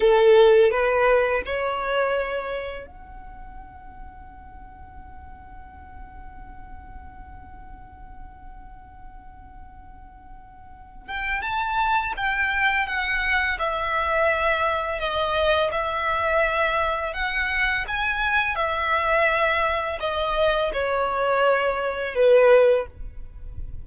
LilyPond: \new Staff \with { instrumentName = "violin" } { \time 4/4 \tempo 4 = 84 a'4 b'4 cis''2 | fis''1~ | fis''1~ | fis''2.~ fis''8 g''8 |
a''4 g''4 fis''4 e''4~ | e''4 dis''4 e''2 | fis''4 gis''4 e''2 | dis''4 cis''2 b'4 | }